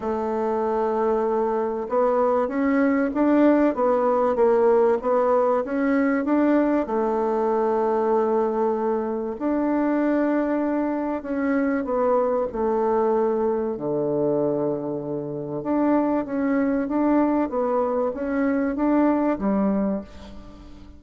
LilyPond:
\new Staff \with { instrumentName = "bassoon" } { \time 4/4 \tempo 4 = 96 a2. b4 | cis'4 d'4 b4 ais4 | b4 cis'4 d'4 a4~ | a2. d'4~ |
d'2 cis'4 b4 | a2 d2~ | d4 d'4 cis'4 d'4 | b4 cis'4 d'4 g4 | }